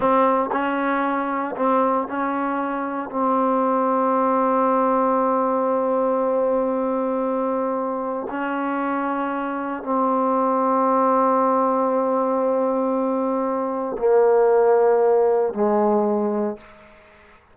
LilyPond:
\new Staff \with { instrumentName = "trombone" } { \time 4/4 \tempo 4 = 116 c'4 cis'2 c'4 | cis'2 c'2~ | c'1~ | c'1 |
cis'2. c'4~ | c'1~ | c'2. ais4~ | ais2 gis2 | }